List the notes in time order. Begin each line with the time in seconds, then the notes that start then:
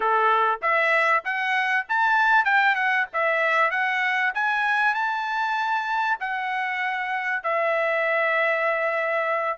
0.00 A4
0.62 E5
1.24 F#5
1.88 A5
2.44 G5
2.75 F#5
3.13 E5
3.70 F#5
4.34 G#5
4.94 A5
6.19 F#5
7.43 E5